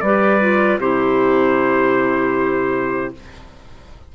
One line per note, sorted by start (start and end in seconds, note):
0.00 0.78 G3
0.00 0.40 G4
0.00 0.80 B4
0.00 0.78 D5
0.40 0.79 F4
0.78 3.12 C3
0.78 3.14 E4
0.78 3.13 G4
0.78 3.14 C5